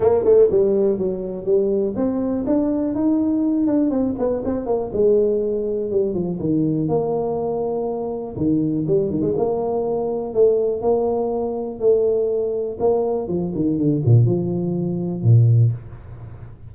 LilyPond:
\new Staff \with { instrumentName = "tuba" } { \time 4/4 \tempo 4 = 122 ais8 a8 g4 fis4 g4 | c'4 d'4 dis'4. d'8 | c'8 b8 c'8 ais8 gis2 | g8 f8 dis4 ais2~ |
ais4 dis4 g8 dis16 gis16 ais4~ | ais4 a4 ais2 | a2 ais4 f8 dis8 | d8 ais,8 f2 ais,4 | }